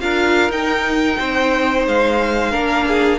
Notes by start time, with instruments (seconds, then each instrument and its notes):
0.00 cello D4, viola F4, violin A#4 F5
0.49 cello D#4, viola D#4, violin G5
1.18 cello C4, violin C5
1.87 cello G#3, violin F5
2.51 cello A#3, viola D4, violin A#4
2.87 violin G#4